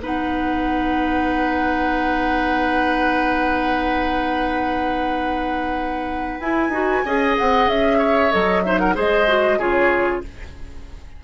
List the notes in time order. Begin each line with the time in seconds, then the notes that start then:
0.00 B3 D#4 B4 F#5
6.40 E4 G#5
6.69 D#4 F#4
7.05 C#4 G#4 D#5
7.38 C4 F#5
7.68 C#4 E5
7.98 C#5
8.32 F#3 A4 D#5
8.63 D#4 C5 E5
8.79 A#4 F#5
8.95 G#3 G#4 C5 D#5
9.28 F#4
9.58 C#3 F4 G#4 C#5